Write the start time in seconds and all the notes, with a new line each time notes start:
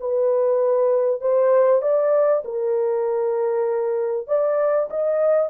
0.00 B4
1.21 C5
1.82 D5
2.45 A#4
4.27 D5
4.90 D#5